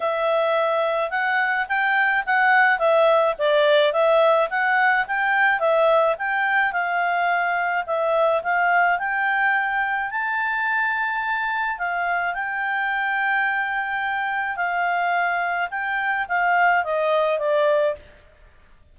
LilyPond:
\new Staff \with { instrumentName = "clarinet" } { \time 4/4 \tempo 4 = 107 e''2 fis''4 g''4 | fis''4 e''4 d''4 e''4 | fis''4 g''4 e''4 g''4 | f''2 e''4 f''4 |
g''2 a''2~ | a''4 f''4 g''2~ | g''2 f''2 | g''4 f''4 dis''4 d''4 | }